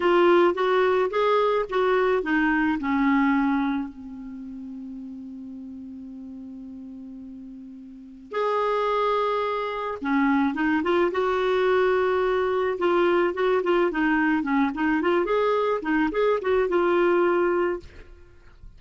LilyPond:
\new Staff \with { instrumentName = "clarinet" } { \time 4/4 \tempo 4 = 108 f'4 fis'4 gis'4 fis'4 | dis'4 cis'2 c'4~ | c'1~ | c'2. gis'4~ |
gis'2 cis'4 dis'8 f'8 | fis'2. f'4 | fis'8 f'8 dis'4 cis'8 dis'8 f'8 gis'8~ | gis'8 dis'8 gis'8 fis'8 f'2 | }